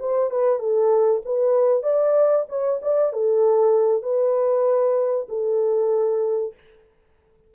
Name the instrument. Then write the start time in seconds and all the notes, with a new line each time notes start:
horn
0.00 C5
0.31 B4
0.59 A4
1.25 B4
1.83 D5
2.49 C#5
2.82 D5
3.13 A4
4.03 B4
5.29 A4